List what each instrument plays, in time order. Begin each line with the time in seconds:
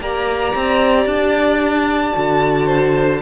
0.00 cello A#3, viola G4, violin D5 A#5
0.54 cello C4
1.05 cello D4, violin A5
2.13 cello D3, viola F#4
2.65 violin C5